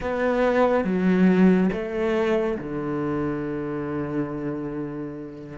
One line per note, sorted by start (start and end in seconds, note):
0.00 0.84 B3
0.84 1.69 F#3
1.72 2.58 A3
2.58 5.58 D3